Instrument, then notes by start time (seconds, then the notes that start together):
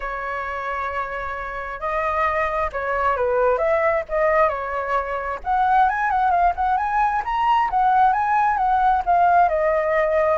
flute
0.00 C#5
1.79 D#5
2.72 C#5
3.16 B4
3.58 E5
4.08 D#5
4.48 C#5
5.44 F#5
5.89 G#5
6.10 F#5
6.30 F5
6.55 F#5
6.77 G#5
7.24 A#5
7.70 F#5
8.12 G#5
8.57 F#5
9.05 F5
9.48 D#5